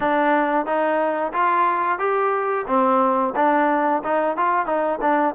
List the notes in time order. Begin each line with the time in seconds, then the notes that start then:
0.00 D4
0.65 D#4
1.33 F4
1.98 G4
2.67 C4
3.35 D4
4.04 D#4
4.36 F4
4.65 D#4
5.01 D4